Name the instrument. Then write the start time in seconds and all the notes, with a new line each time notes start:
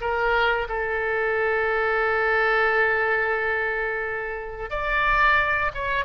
oboe
0.00 A#4
0.68 A4
4.70 D5
5.74 C#5